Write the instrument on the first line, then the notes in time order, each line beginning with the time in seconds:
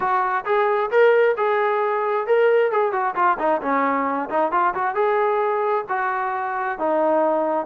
trombone
0.00 F#4
0.45 G#4
0.90 A#4
1.37 G#4
2.26 A#4
2.71 G#4
2.92 F#4
3.15 F4
3.38 D#4
3.61 C#4
4.29 D#4
4.51 F4
4.74 F#4
4.94 G#4
5.89 F#4
6.78 D#4